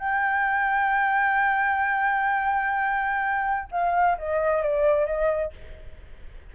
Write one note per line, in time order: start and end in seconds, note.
0.00 3.69 G5
3.72 4.18 F5
4.18 4.63 D#5
4.63 5.07 D5
5.07 5.53 D#5